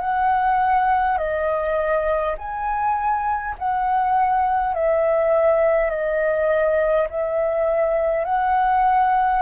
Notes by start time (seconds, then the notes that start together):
0.00 F#5
1.18 D#5
2.39 G#5
3.58 F#5
4.74 E5
5.90 D#5
7.10 E5
8.25 F#5